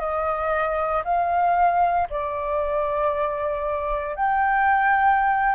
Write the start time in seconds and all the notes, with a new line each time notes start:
0.00 D#5
1.05 F5
2.10 D5
4.16 G5